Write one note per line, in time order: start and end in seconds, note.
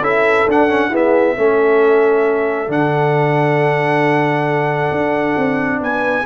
0.00 0.44 C#4
0.00 0.47 E4
0.00 0.90 A4
0.00 0.48 E5
0.47 0.89 D4
0.47 0.68 D4
0.47 0.95 F#5
0.68 0.90 C#4
0.89 1.37 B3
0.89 1.34 E4
0.89 1.36 G#4
0.96 2.71 E5
1.37 2.68 A3
1.37 2.68 C#4
1.37 5.82 A4
2.68 4.90 D3
2.68 6.24 D4
2.68 5.82 F#5
4.91 5.35 D4
5.37 5.81 C4
5.81 6.25 B3
5.81 6.25 B4
5.81 6.25 G#5